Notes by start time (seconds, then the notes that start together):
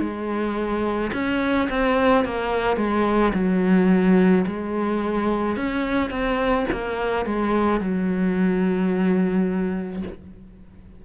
0.00 G#3
1.13 C#4
1.70 C4
2.25 A#3
2.77 G#3
3.34 F#3
4.47 G#3
5.57 C#4
6.10 C4
6.72 A#3
7.26 G#3
7.80 F#3